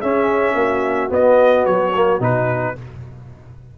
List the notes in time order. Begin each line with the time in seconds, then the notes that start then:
0.00 C#4 G#4 E5
0.55 A#3 F#4
1.09 B3 D#5
1.65 F#3 C#5
1.95 A#3
2.20 B2 D#4 B4